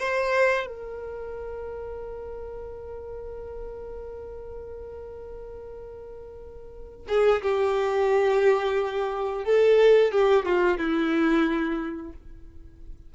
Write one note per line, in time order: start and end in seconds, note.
0.00 0.67 C5
0.67 7.08 A#4
7.09 7.42 G#4
7.43 9.45 G4
9.45 10.12 A4
10.12 10.46 G4
10.46 10.78 F4
10.78 12.13 E4